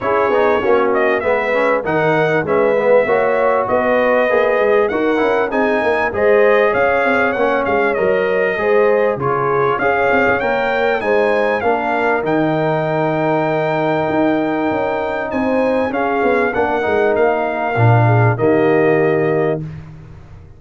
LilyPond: <<
  \new Staff \with { instrumentName = "trumpet" } { \time 4/4 \tempo 4 = 98 cis''4. dis''8 e''4 fis''4 | e''2 dis''2 | fis''4 gis''4 dis''4 f''4 | fis''8 f''8 dis''2 cis''4 |
f''4 g''4 gis''4 f''4 | g''1~ | g''4 gis''4 f''4 fis''4 | f''2 dis''2 | }
  \new Staff \with { instrumentName = "horn" } { \time 4/4 gis'4 fis'4 b'4 ais'4 | b'4 cis''4 b'2 | ais'4 gis'8 ais'8 c''4 cis''4~ | cis''2 c''4 gis'4 |
cis''2 c''4 ais'4~ | ais'1~ | ais'4 c''4 gis'4 ais'4~ | ais'4. gis'8 g'2 | }
  \new Staff \with { instrumentName = "trombone" } { \time 4/4 e'8 dis'8 cis'4 b8 cis'8 dis'4 | cis'8 b8 fis'2 gis'4 | fis'8 e'8 dis'4 gis'2 | cis'4 ais'4 gis'4 f'4 |
gis'4 ais'4 dis'4 d'4 | dis'1~ | dis'2 cis'4 d'8 dis'8~ | dis'4 d'4 ais2 | }
  \new Staff \with { instrumentName = "tuba" } { \time 4/4 cis'8 b8 ais4 gis4 dis4 | gis4 ais4 b4 ais8 gis8 | dis'8 cis'8 c'8 ais8 gis4 cis'8 c'8 | ais8 gis8 fis4 gis4 cis4 |
cis'8 c'16 cis'16 ais4 gis4 ais4 | dis2. dis'4 | cis'4 c'4 cis'8 b8 ais8 gis8 | ais4 ais,4 dis2 | }
>>